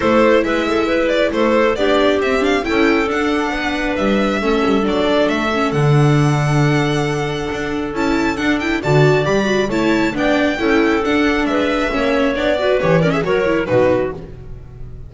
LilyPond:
<<
  \new Staff \with { instrumentName = "violin" } { \time 4/4 \tempo 4 = 136 c''4 e''4. d''8 c''4 | d''4 e''8 f''8 g''4 fis''4~ | fis''4 e''2 d''4 | e''4 fis''2.~ |
fis''2 a''4 fis''8 g''8 | a''4 b''4 a''4 g''4~ | g''4 fis''4 e''2 | d''4 cis''8 d''16 e''16 cis''4 b'4 | }
  \new Staff \with { instrumentName = "clarinet" } { \time 4/4 a'4 b'8 a'8 b'4 a'4 | g'2 a'2 | b'2 a'2~ | a'1~ |
a'1 | d''2 cis''4 d''4 | a'2 b'4 cis''4~ | cis''8 b'4 ais'16 gis'16 ais'4 fis'4 | }
  \new Staff \with { instrumentName = "viola" } { \time 4/4 e'1 | d'4 c'8 d'8 e'4 d'4~ | d'2 cis'4 d'4~ | d'8 cis'8 d'2.~ |
d'2 e'4 d'8 e'8 | fis'4 g'8 fis'8 e'4 d'4 | e'4 d'2 cis'4 | d'8 fis'8 g'8 cis'8 fis'8 e'8 dis'4 | }
  \new Staff \with { instrumentName = "double bass" } { \time 4/4 a4 gis2 a4 | b4 c'4 cis'4 d'4 | b4 g4 a8 g8 fis4 | a4 d2.~ |
d4 d'4 cis'4 d'4 | d4 g4 a4 b4 | cis'4 d'4 gis4 ais4 | b4 e4 fis4 b,4 | }
>>